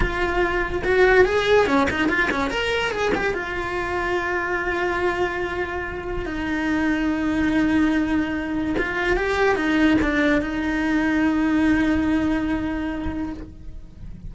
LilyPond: \new Staff \with { instrumentName = "cello" } { \time 4/4 \tempo 4 = 144 f'2 fis'4 gis'4 | cis'8 dis'8 f'8 cis'8 ais'4 gis'8 g'8 | f'1~ | f'2. dis'4~ |
dis'1~ | dis'4 f'4 g'4 dis'4 | d'4 dis'2.~ | dis'1 | }